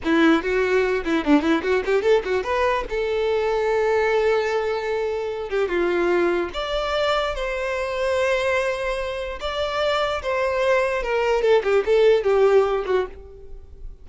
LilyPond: \new Staff \with { instrumentName = "violin" } { \time 4/4 \tempo 4 = 147 e'4 fis'4. e'8 d'8 e'8 | fis'8 g'8 a'8 fis'8 b'4 a'4~ | a'1~ | a'4. g'8 f'2 |
d''2 c''2~ | c''2. d''4~ | d''4 c''2 ais'4 | a'8 g'8 a'4 g'4. fis'8 | }